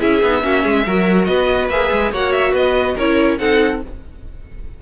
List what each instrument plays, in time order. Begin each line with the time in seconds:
0.00 cello C#4, viola E4, violin G#4 E5
0.22 cello B3, viola D#4
0.41 cello A#3, viola C#4, violin F#4
0.62 cello G#3, violin G#4
0.86 cello F#3, viola F#4, violin A#4
1.25 cello B3, violin B4 D#5
1.69 cello A#3, viola G#4, violin E5
1.92 cello G#3
2.11 cello A#3, viola F#4, violin C#5 F#5
2.32 violin E5
2.52 cello B3, violin B4 D#5
2.95 cello C#4, viola E4, violin A#4 C#5
3.39 cello C4, viola D#4, violin A4 F#5